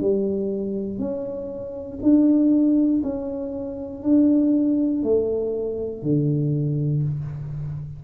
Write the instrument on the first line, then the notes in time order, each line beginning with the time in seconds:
tuba
0.00 G3
0.99 C#4
2.02 D4
3.03 C#4
4.03 D4
5.03 A3
6.02 D3